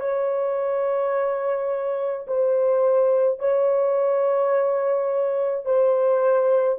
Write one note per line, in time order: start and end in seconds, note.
0.00 2.26 C#5
2.27 3.39 C5
3.39 5.65 C#5
5.65 6.78 C5